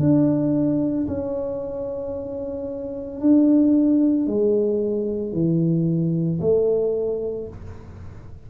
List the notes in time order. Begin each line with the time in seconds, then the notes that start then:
0.00 D4
1.08 C#4
3.20 D4
4.27 G#3
5.33 E3
6.41 A3